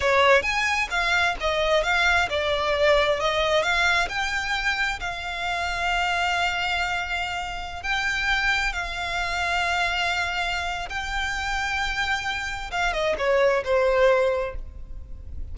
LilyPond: \new Staff \with { instrumentName = "violin" } { \time 4/4 \tempo 4 = 132 cis''4 gis''4 f''4 dis''4 | f''4 d''2 dis''4 | f''4 g''2 f''4~ | f''1~ |
f''4~ f''16 g''2 f''8.~ | f''1 | g''1 | f''8 dis''8 cis''4 c''2 | }